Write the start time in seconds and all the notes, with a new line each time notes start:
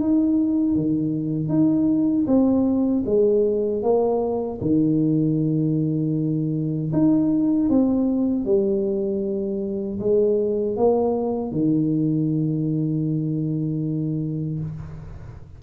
0.00 D#4
0.76 D#3
1.49 D#4
2.27 C4
3.06 G#3
3.83 A#3
4.61 D#3
6.93 D#4
7.70 C4
8.45 G3
10.00 G#3
10.77 A#3
11.52 D#3